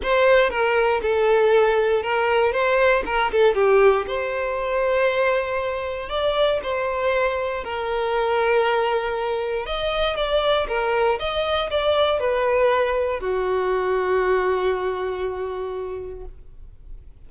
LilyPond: \new Staff \with { instrumentName = "violin" } { \time 4/4 \tempo 4 = 118 c''4 ais'4 a'2 | ais'4 c''4 ais'8 a'8 g'4 | c''1 | d''4 c''2 ais'4~ |
ais'2. dis''4 | d''4 ais'4 dis''4 d''4 | b'2 fis'2~ | fis'1 | }